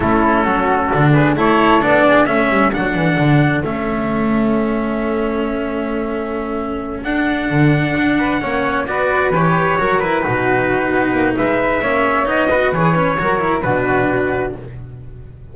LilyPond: <<
  \new Staff \with { instrumentName = "trumpet" } { \time 4/4 \tempo 4 = 132 a'2~ a'8 b'8 cis''4 | d''4 e''4 fis''2 | e''1~ | e''2.~ e''8 fis''8~ |
fis''2.~ fis''8 d''8~ | d''8 cis''4. b'2~ | b'4 e''2 dis''4 | cis''2 b'2 | }
  \new Staff \with { instrumentName = "flute" } { \time 4/4 e'4 fis'4. gis'8 a'4~ | a'8 gis'8 a'2.~ | a'1~ | a'1~ |
a'2 b'8 cis''4 b'8~ | b'4. ais'4 fis'4.~ | fis'4 b'4 cis''4. b'8~ | b'4 ais'4 fis'2 | }
  \new Staff \with { instrumentName = "cello" } { \time 4/4 cis'2 d'4 e'4 | d'4 cis'4 d'2 | cis'1~ | cis'2.~ cis'8 d'8~ |
d'2~ d'8 cis'4 fis'8~ | fis'8 g'4 fis'8 e'8 dis'4.~ | dis'2 cis'4 dis'8 fis'8 | gis'8 cis'8 fis'8 e'8 d'2 | }
  \new Staff \with { instrumentName = "double bass" } { \time 4/4 a4 fis4 d4 a4 | b4 a8 g8 fis8 e8 d4 | a1~ | a2.~ a8 d'8~ |
d'8 d4 d'4 ais4 b8~ | b8 e4 fis4 b,4. | b8 ais8 gis4 ais4 b4 | e4 fis4 b,2 | }
>>